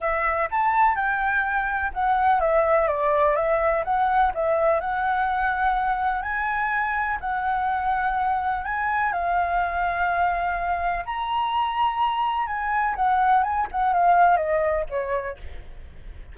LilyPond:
\new Staff \with { instrumentName = "flute" } { \time 4/4 \tempo 4 = 125 e''4 a''4 g''2 | fis''4 e''4 d''4 e''4 | fis''4 e''4 fis''2~ | fis''4 gis''2 fis''4~ |
fis''2 gis''4 f''4~ | f''2. ais''4~ | ais''2 gis''4 fis''4 | gis''8 fis''8 f''4 dis''4 cis''4 | }